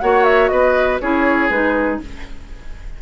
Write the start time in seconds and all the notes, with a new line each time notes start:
0.00 A#3 F#4 C#5 F#5
0.24 E5
0.48 B3 B4 D#5
1.01 C#4 E4 G#4 C#5
1.50 G#3 D#4 B4